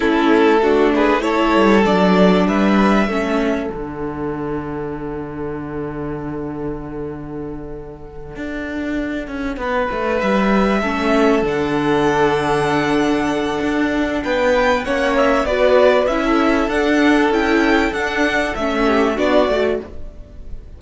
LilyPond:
<<
  \new Staff \with { instrumentName = "violin" } { \time 4/4 \tempo 4 = 97 a'4. b'8 cis''4 d''4 | e''2 fis''2~ | fis''1~ | fis''1~ |
fis''8 e''2 fis''4.~ | fis''2. g''4 | fis''8 e''8 d''4 e''4 fis''4 | g''4 fis''4 e''4 d''4 | }
  \new Staff \with { instrumentName = "violin" } { \time 4/4 e'4 fis'8 gis'8 a'2 | b'4 a'2.~ | a'1~ | a'2.~ a'8 b'8~ |
b'4. a'2~ a'8~ | a'2. b'4 | cis''4 b'4~ b'16 a'4.~ a'16~ | a'2~ a'8 g'8 fis'4 | }
  \new Staff \with { instrumentName = "viola" } { \time 4/4 cis'4 d'4 e'4 d'4~ | d'4 cis'4 d'2~ | d'1~ | d'1~ |
d'4. cis'4 d'4.~ | d'1 | cis'4 fis'4 e'4 d'4 | e'4 d'4 cis'4 d'8 fis'8 | }
  \new Staff \with { instrumentName = "cello" } { \time 4/4 a2~ a8 g8 fis4 | g4 a4 d2~ | d1~ | d4. d'4. cis'8 b8 |
a8 g4 a4 d4.~ | d2 d'4 b4 | ais4 b4 cis'4 d'4 | cis'4 d'4 a4 b8 a8 | }
>>